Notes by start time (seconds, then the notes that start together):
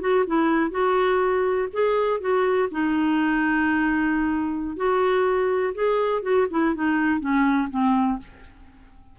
0.00 F#4
0.26 E4
0.71 F#4
1.73 G#4
2.20 F#4
2.71 D#4
4.76 F#4
5.74 G#4
6.22 F#4
6.50 E4
6.74 D#4
7.20 C#4
7.70 C4